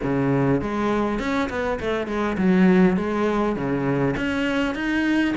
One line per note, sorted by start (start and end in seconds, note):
0.03 0.61 C#3
0.61 1.19 G#3
1.19 1.49 C#4
1.49 1.79 B3
1.80 2.07 A3
2.07 2.36 G#3
2.37 2.96 F#3
2.96 3.56 G#3
3.56 4.15 C#3
4.16 4.74 C#4
4.74 5.34 D#4